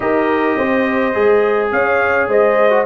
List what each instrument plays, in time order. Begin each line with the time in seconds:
0.00 tuba D#4, trombone G4, horn A#4, trumpet D#5
0.57 tuba C4, horn C5
1.14 tuba G#3, trombone G#4
1.71 tuba C#4, horn C#5, trumpet F5
2.28 tuba G#3, horn C5, trumpet D#5
2.70 trombone F#4